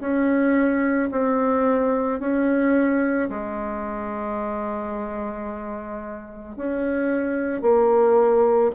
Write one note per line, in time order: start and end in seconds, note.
0.00 1.09 C#4
1.11 2.20 C4
2.20 3.29 C#4
3.29 6.56 G#3
6.56 7.62 C#4
7.62 8.71 A#3